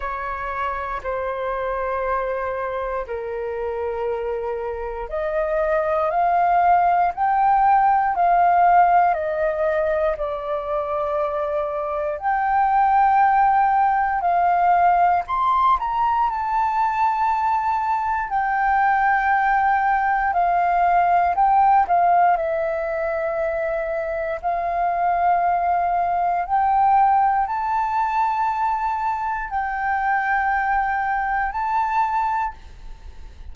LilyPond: \new Staff \with { instrumentName = "flute" } { \time 4/4 \tempo 4 = 59 cis''4 c''2 ais'4~ | ais'4 dis''4 f''4 g''4 | f''4 dis''4 d''2 | g''2 f''4 c'''8 ais''8 |
a''2 g''2 | f''4 g''8 f''8 e''2 | f''2 g''4 a''4~ | a''4 g''2 a''4 | }